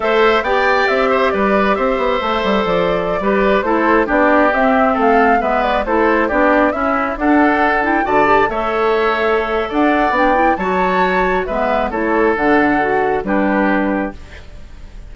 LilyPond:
<<
  \new Staff \with { instrumentName = "flute" } { \time 4/4 \tempo 4 = 136 e''4 g''4 e''4 d''4 | e''2 d''2~ | d''16 c''4 d''4 e''4 f''8.~ | f''16 e''8 d''8 c''4 d''4 e''8.~ |
e''16 fis''4. g''8 a''4 e''8.~ | e''2 fis''4 g''4 | a''2 e''4 cis''4 | fis''2 b'2 | }
  \new Staff \with { instrumentName = "oboe" } { \time 4/4 c''4 d''4. c''8 b'4 | c''2.~ c''16 b'8.~ | b'16 a'4 g'2 a'8.~ | a'16 b'4 a'4 g'4 e'8.~ |
e'16 a'2 d''4 cis''8.~ | cis''2 d''2 | cis''2 b'4 a'4~ | a'2 g'2 | }
  \new Staff \with { instrumentName = "clarinet" } { \time 4/4 a'4 g'2.~ | g'4 a'2~ a'16 g'8.~ | g'16 e'4 d'4 c'4.~ c'16~ | c'16 b4 e'4 d'4 cis'8.~ |
cis'16 d'4. e'8 fis'8 g'8 a'8.~ | a'2. d'8 e'8 | fis'2 b4 e'4 | d'4 fis'4 d'2 | }
  \new Staff \with { instrumentName = "bassoon" } { \time 4/4 a4 b4 c'4 g4 | c'8 b8 a8 g8 f4~ f16 g8.~ | g16 a4 b4 c'4 a8.~ | a16 gis4 a4 b4 cis'8.~ |
cis'16 d'2 d4 a8.~ | a2 d'4 b4 | fis2 gis4 a4 | d2 g2 | }
>>